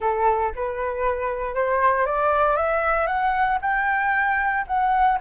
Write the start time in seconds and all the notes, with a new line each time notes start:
0.00 A4
0.55 B4
1.54 C5
2.05 D5
2.56 E5
3.07 F#5
3.61 G5
4.67 F#5